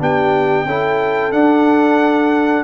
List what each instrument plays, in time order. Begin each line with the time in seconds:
0.00 tuba B3, trombone D4, horn G4, trumpet G5
0.65 tuba C#4, trombone E4, horn A4
1.32 tuba D4, trombone D4, trumpet F#5